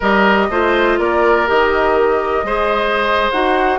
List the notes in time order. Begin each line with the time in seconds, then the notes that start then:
0.00 G3 G4 A#4 D#5
0.49 A3 F4 C5
0.99 A#3 A#4 D5
1.46 D#3 G4 D#5
2.43 G#3 G#4 C5
3.31 D#4 F#4 F#5